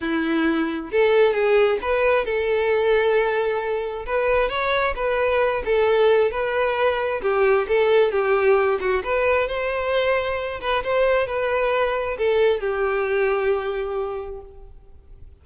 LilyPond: \new Staff \with { instrumentName = "violin" } { \time 4/4 \tempo 4 = 133 e'2 a'4 gis'4 | b'4 a'2.~ | a'4 b'4 cis''4 b'4~ | b'8 a'4. b'2 |
g'4 a'4 g'4. fis'8 | b'4 c''2~ c''8 b'8 | c''4 b'2 a'4 | g'1 | }